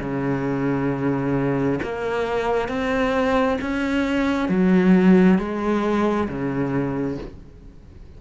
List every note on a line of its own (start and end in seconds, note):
0.00 1.79 C#3
1.83 2.68 A#3
2.68 3.58 C4
3.61 4.49 C#4
4.49 5.38 F#3
5.39 6.28 G#3
6.28 7.18 C#3